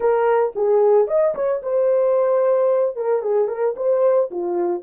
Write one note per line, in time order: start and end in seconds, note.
0.00 0.53 A#4
0.55 1.07 G#4
1.07 1.34 D#5
1.34 1.61 C#5
1.62 2.96 C5
2.96 3.22 A#4
3.22 3.48 G#4
3.48 3.75 A#4
3.76 4.30 C5
4.31 4.82 F4